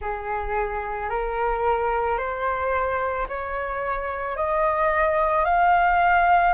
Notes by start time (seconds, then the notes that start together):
0.00 G#4
1.09 A#4
2.18 C5
3.28 C#5
4.36 D#5
5.44 F5